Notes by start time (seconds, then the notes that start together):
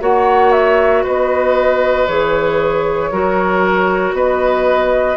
0.00 A#3 F#4 C#5 F#5
0.52 E5
1.03 B3 B4 D#5
2.07 E3 G#4 C#5
3.11 F#3 F#4 A#4
4.12 B3 B4 D#5